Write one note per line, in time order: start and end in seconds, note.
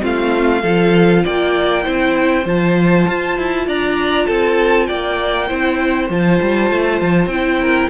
0.00 0.64 A3
0.00 0.61 C4
0.00 0.63 F4
0.06 1.26 F5
0.63 1.24 F3
0.63 1.84 F4
0.63 1.23 A4
1.25 1.87 A#3
1.25 1.84 D5
1.25 2.48 G5
1.84 2.46 C4
1.84 2.45 E4
1.84 3.66 C5
2.45 3.07 F3
2.45 5.48 F4
2.45 3.69 A5
3.08 3.38 F4
3.38 3.68 E4
3.68 4.28 D4
3.68 4.27 D5
3.68 4.27 A#5
4.27 4.90 C4
4.27 4.88 A4
4.27 4.87 A5
4.87 5.51 A#3
4.87 5.48 D5
4.87 6.08 G5
5.48 6.10 C4
5.48 6.09 E4
5.48 7.60 C5
6.10 6.40 F3
6.10 7.31 F4
6.10 7.29 A5
6.42 6.71 G3
6.71 7.02 A3
7.02 7.27 F3
7.27 7.87 C4
7.27 7.90 E4
7.27 7.89 G5
7.62 7.90 A#4